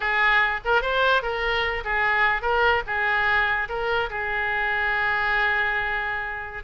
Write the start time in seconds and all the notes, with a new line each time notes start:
0.00 G#4
0.65 A#4
0.81 C5
1.22 A#4
1.84 G#4
2.42 A#4
2.87 G#4
3.68 A#4
4.10 G#4